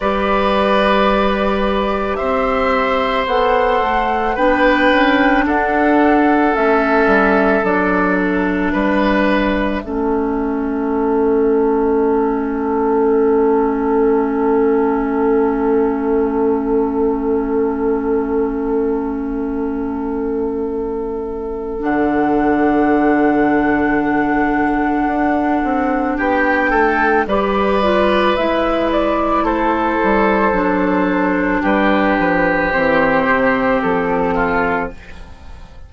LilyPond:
<<
  \new Staff \with { instrumentName = "flute" } { \time 4/4 \tempo 4 = 55 d''2 e''4 fis''4 | g''4 fis''4 e''4 d''8 e''8~ | e''1~ | e''1~ |
e''1 | fis''1 | g''4 d''4 e''8 d''8 c''4~ | c''4 b'4 c''4 a'4 | }
  \new Staff \with { instrumentName = "oboe" } { \time 4/4 b'2 c''2 | b'4 a'2. | b'4 a'2.~ | a'1~ |
a'1~ | a'1 | g'8 a'8 b'2 a'4~ | a'4 g'2~ g'8 f'8 | }
  \new Staff \with { instrumentName = "clarinet" } { \time 4/4 g'2. a'4 | d'2 cis'4 d'4~ | d'4 cis'2.~ | cis'1~ |
cis'1 | d'1~ | d'4 g'8 f'8 e'2 | d'2 c'2 | }
  \new Staff \with { instrumentName = "bassoon" } { \time 4/4 g2 c'4 b8 a8 | b8 cis'8 d'4 a8 g8 fis4 | g4 a2.~ | a1~ |
a1 | d2. d'8 c'8 | b8 a8 g4 gis4 a8 g8 | fis4 g8 f8 e8 c8 f4 | }
>>